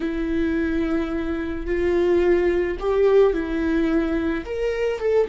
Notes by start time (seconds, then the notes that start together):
0.00 E4
1.66 F4
2.79 G4
3.33 E4
4.45 A#4
4.99 A4